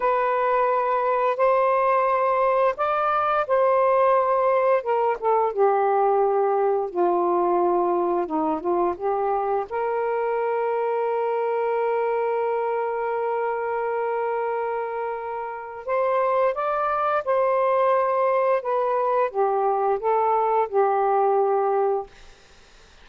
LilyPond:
\new Staff \with { instrumentName = "saxophone" } { \time 4/4 \tempo 4 = 87 b'2 c''2 | d''4 c''2 ais'8 a'8 | g'2 f'2 | dis'8 f'8 g'4 ais'2~ |
ais'1~ | ais'2. c''4 | d''4 c''2 b'4 | g'4 a'4 g'2 | }